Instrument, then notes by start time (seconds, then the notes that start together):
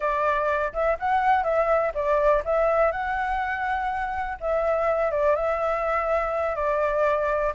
flute
0.00 D5
0.73 E5
0.99 F#5
1.43 E5
1.94 D5
2.44 E5
2.91 F#5
4.40 E5
5.11 D5
5.35 E5
6.55 D5